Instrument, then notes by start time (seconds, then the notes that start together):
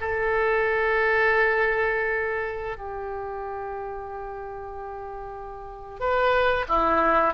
oboe
0.00 A4
2.77 G4
6.00 B4
6.68 E4